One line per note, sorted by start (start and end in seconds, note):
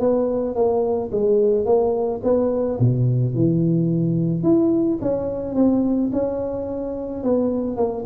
0.00 0.55 B3
0.55 1.11 A#3
1.12 1.65 G#3
1.65 2.21 A#3
2.24 2.79 B3
2.80 3.35 B2
3.35 4.43 E3
4.43 4.99 E4
5.01 5.55 C#4
5.55 6.11 C4
6.13 7.23 C#4
7.23 7.77 B3
7.77 8.05 A#3